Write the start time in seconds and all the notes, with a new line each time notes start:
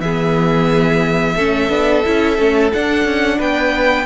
0.00 E3 B3 G#4 E5
1.36 A3 C#4 A4
1.70 B3 D4
2.06 C#4 E4
2.39 A3 C#4
2.73 D4 F#5
3.05 C#4
3.39 B3 B4 G5